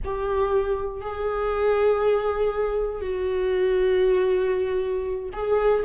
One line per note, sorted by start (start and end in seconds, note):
0.04 1.01 G4
1.01 3.01 G#4
3.01 5.30 F#4
5.33 5.83 G#4